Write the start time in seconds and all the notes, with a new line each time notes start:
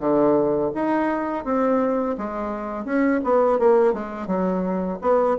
0.00 D3
0.75 D#4
1.45 C4
2.18 G#3
2.85 C#4
3.24 B3
3.59 A#3
3.94 G#3
4.27 F#3
5.02 B3